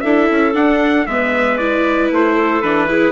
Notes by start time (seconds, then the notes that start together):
0.00 D4 E4 A4 E5
0.30 C#4
0.53 D4 F#5
1.06 G#3 B3 B4 E5
1.57 E4 D5
2.11 A3 C5
2.36 A4
2.62 E3 D4 B4
2.87 E4 G#4